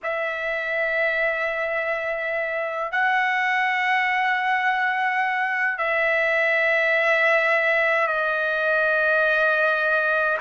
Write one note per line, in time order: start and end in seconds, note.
0.03 2.91 E5
2.92 5.77 F#5
5.77 8.07 E5
8.07 10.38 D#5